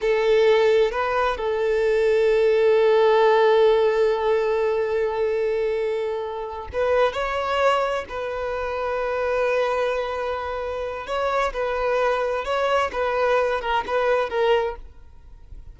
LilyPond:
\new Staff \with { instrumentName = "violin" } { \time 4/4 \tempo 4 = 130 a'2 b'4 a'4~ | a'1~ | a'1~ | a'2~ a'8 b'4 cis''8~ |
cis''4. b'2~ b'8~ | b'1 | cis''4 b'2 cis''4 | b'4. ais'8 b'4 ais'4 | }